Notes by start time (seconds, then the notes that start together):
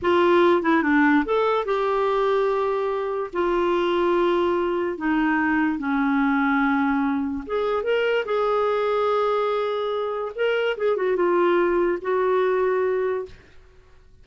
0.02 F4
0.62 E4
0.83 D4
1.25 A4
1.65 G4
3.33 F4
4.97 D#4
5.78 C#4
7.46 G#4
7.83 A#4
8.25 G#4
10.35 A#4
10.77 G#4
10.96 F#4
11.16 F4
12.01 F#4